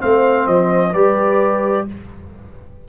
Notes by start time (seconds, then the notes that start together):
0.00 A3 C4 C5 F5
0.47 F3 D#5
0.92 G3 G4 B4 D5